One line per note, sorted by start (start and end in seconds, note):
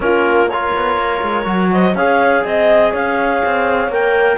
0.00 0.70 A#3
0.00 0.48 C#4
0.00 0.49 F4
0.00 0.49 A#4
0.49 1.44 F4
0.49 1.71 A#4
0.49 1.71 C#5
0.75 0.97 B3
0.97 1.21 A#3
1.22 1.46 G#3
1.44 1.95 F#3
1.44 1.93 F#4
1.71 1.95 C5
1.71 1.95 D#5
1.95 2.43 C#4
1.95 3.91 G#4
1.95 2.44 C#5
1.95 2.44 F5
2.44 2.93 C4
2.44 2.93 D#5
2.44 2.91 D#5
2.91 3.42 C#4
2.91 4.37 C#5
2.91 3.92 F5
3.44 3.87 C4
3.87 4.36 A#3
3.87 4.37 A#4
3.87 4.37 G5